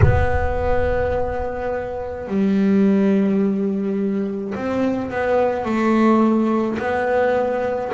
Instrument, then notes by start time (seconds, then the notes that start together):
double bass
0.02 B3
2.27 G3
4.54 C4
5.10 B3
5.64 A3
6.78 B3